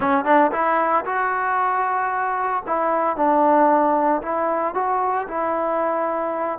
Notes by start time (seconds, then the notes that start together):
0.00 C#4
0.24 D4
0.52 E4
1.05 F#4
2.66 E4
3.16 D4
4.22 E4
4.74 F#4
5.28 E4